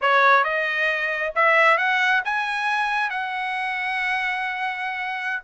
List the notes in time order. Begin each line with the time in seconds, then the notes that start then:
0.01 C#5
0.44 D#5
1.35 E5
1.77 F#5
2.24 G#5
3.09 F#5